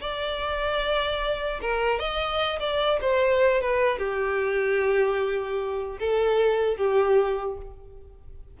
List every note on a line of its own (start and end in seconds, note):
0.00 1.60 D5
1.61 1.99 A#4
1.99 2.59 D#5
2.59 2.99 D5
3.01 3.61 C5
3.61 3.98 B4
3.98 5.98 G4
5.99 6.77 A4
6.77 7.57 G4